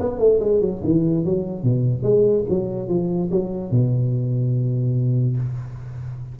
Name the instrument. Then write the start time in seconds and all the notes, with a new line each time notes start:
tuba
0.00 B3
0.19 A3
0.40 G#3
0.61 F#3
0.84 E3
1.25 F#3
1.63 B2
2.03 G#3
2.49 F#3
2.89 F3
3.31 F#3
3.71 B2